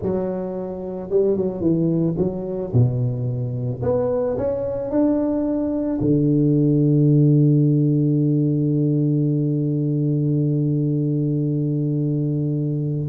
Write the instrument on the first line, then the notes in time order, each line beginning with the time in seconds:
tuba
0.02 F#3
1.09 G3
1.36 F#3
1.61 E3
2.17 F#3
2.73 B2
3.82 B3
4.37 C#4
4.90 D4
6.00 D3